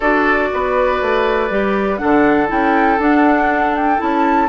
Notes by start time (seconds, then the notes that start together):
0.00 D4 F#4 A4 D5
0.53 B3 B4
1.01 A3
1.50 G3 G4
1.97 D3 D4 A4 F#5
2.47 C#4 E4 G5
2.98 D4 F#5
3.75 G5
3.97 C#4 E4 A5